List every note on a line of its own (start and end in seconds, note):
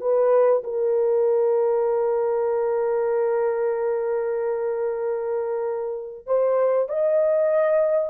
0.00 0.62 B4
0.64 6.26 A#4
6.26 6.89 C5
6.89 8.10 D#5